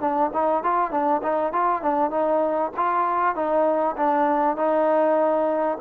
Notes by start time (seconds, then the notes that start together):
0.00 D4
0.33 D#4
0.63 F4
0.91 D4
1.22 D#4
1.52 F4
1.82 D4
2.10 D#4
2.76 F4
3.35 D#4
3.96 D4
4.56 D#4